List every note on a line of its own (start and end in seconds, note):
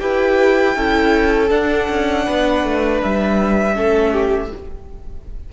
0.00 0.76 E4
0.00 0.75 G4
0.00 0.76 B4
0.00 1.50 G5
0.75 1.51 C#4
0.75 1.49 E4
0.75 2.25 A4
1.49 3.74 D4
1.49 1.88 D4
1.49 3.01 F#5
1.89 2.27 C#4
2.25 2.64 B3
2.25 3.75 B4
2.64 3.02 A3
3.03 3.77 G3
3.03 4.53 E5
3.74 4.52 A3
3.74 4.49 C#4
3.74 4.12 A4
4.12 4.50 G4